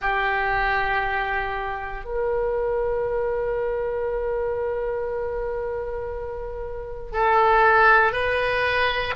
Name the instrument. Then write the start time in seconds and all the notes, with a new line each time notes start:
oboe
0.01 G4
2.04 A#4
7.12 A4
8.12 B4